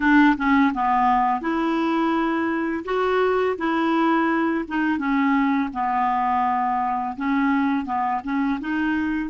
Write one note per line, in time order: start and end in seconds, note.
0.00 0.36 D4
0.37 0.72 C#4
0.73 1.41 B3
1.41 2.83 E4
2.84 3.56 F#4
3.57 4.65 E4
4.68 4.98 D#4
4.98 5.69 C#4
5.73 7.16 B3
7.16 7.85 C#4
7.85 8.21 B3
8.23 8.59 C#4
8.60 9.30 D#4